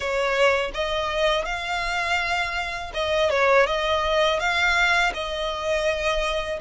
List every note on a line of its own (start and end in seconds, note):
0.00 0.71 C#5
0.74 1.45 D#5
1.45 2.91 F5
2.93 3.30 D#5
3.30 3.66 C#5
3.66 4.39 D#5
4.39 5.12 F5
5.14 6.60 D#5